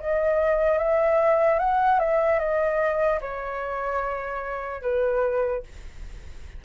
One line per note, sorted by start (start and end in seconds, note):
0.00 0.79 D#5
0.79 1.59 E5
1.59 1.99 F#5
1.99 2.39 E5
2.39 3.20 D#5
3.21 4.82 C#5
4.82 5.63 B4